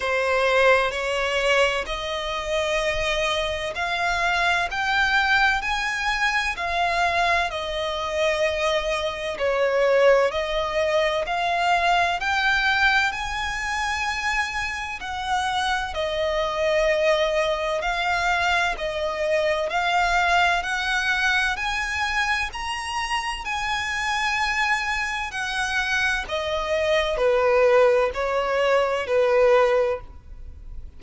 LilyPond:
\new Staff \with { instrumentName = "violin" } { \time 4/4 \tempo 4 = 64 c''4 cis''4 dis''2 | f''4 g''4 gis''4 f''4 | dis''2 cis''4 dis''4 | f''4 g''4 gis''2 |
fis''4 dis''2 f''4 | dis''4 f''4 fis''4 gis''4 | ais''4 gis''2 fis''4 | dis''4 b'4 cis''4 b'4 | }